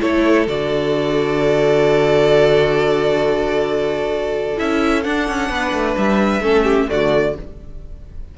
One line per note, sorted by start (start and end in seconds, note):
0.00 0.47 A3
0.00 0.47 E4
0.00 5.50 A4
0.00 0.46 C#5
0.47 4.59 D3
0.47 4.56 F#4
0.47 4.58 D5
4.56 5.05 C#4
4.56 5.02 E4
4.56 5.03 E5
5.03 6.41 D4
5.03 5.28 D4
5.03 5.94 F#5
5.28 5.49 C#4
5.49 5.72 B3
5.49 6.42 B4
5.72 5.95 A3
5.97 6.39 G3
5.97 6.89 E5
6.39 6.85 A3
6.39 6.87 C#4
6.39 6.64 A4
6.64 6.87 G4
6.87 7.37 D3
6.87 7.33 A3
6.87 7.37 F#4
6.87 7.35 D5